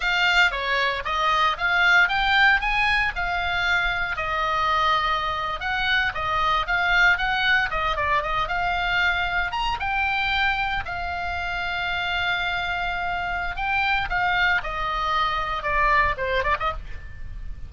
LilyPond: \new Staff \with { instrumentName = "oboe" } { \time 4/4 \tempo 4 = 115 f''4 cis''4 dis''4 f''4 | g''4 gis''4 f''2 | dis''2~ dis''8. fis''4 dis''16~ | dis''8. f''4 fis''4 dis''8 d''8 dis''16~ |
dis''16 f''2 ais''8 g''4~ g''16~ | g''8. f''2.~ f''16~ | f''2 g''4 f''4 | dis''2 d''4 c''8 d''16 dis''16 | }